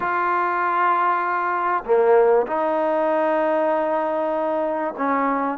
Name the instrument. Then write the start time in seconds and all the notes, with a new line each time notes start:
trombone
0.00 F4
1.84 A#3
2.47 D#4
4.97 C#4